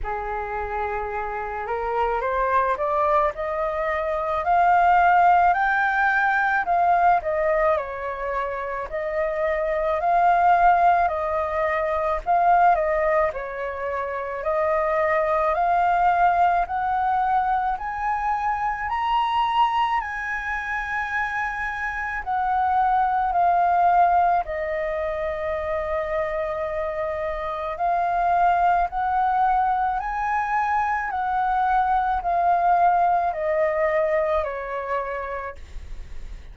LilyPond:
\new Staff \with { instrumentName = "flute" } { \time 4/4 \tempo 4 = 54 gis'4. ais'8 c''8 d''8 dis''4 | f''4 g''4 f''8 dis''8 cis''4 | dis''4 f''4 dis''4 f''8 dis''8 | cis''4 dis''4 f''4 fis''4 |
gis''4 ais''4 gis''2 | fis''4 f''4 dis''2~ | dis''4 f''4 fis''4 gis''4 | fis''4 f''4 dis''4 cis''4 | }